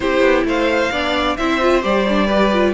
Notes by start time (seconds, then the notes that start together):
0.00 C4 E4 G4 C5
0.20 B3
0.44 A3 C5 F5
0.91 B3 D4 D5
1.36 C4 E4 C5 E5
1.61 F4
1.82 G3 G4 D5
2.08 D4
2.26 G4 B4
2.53 F4